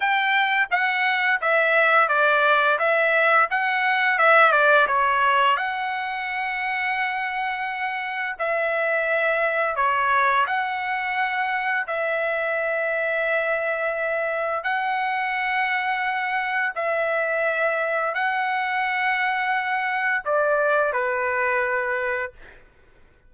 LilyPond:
\new Staff \with { instrumentName = "trumpet" } { \time 4/4 \tempo 4 = 86 g''4 fis''4 e''4 d''4 | e''4 fis''4 e''8 d''8 cis''4 | fis''1 | e''2 cis''4 fis''4~ |
fis''4 e''2.~ | e''4 fis''2. | e''2 fis''2~ | fis''4 d''4 b'2 | }